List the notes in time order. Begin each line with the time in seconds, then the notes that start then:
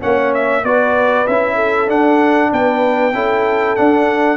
0.00 A#3 C#4 C#5 F#5
0.34 E5
0.63 B3 F#4 B4 D5
1.27 C#4 E4 E5
1.55 A4
1.87 D4 F#5
2.52 B3 B4 G5
3.13 C#4 E4 A4
3.76 D4 F#5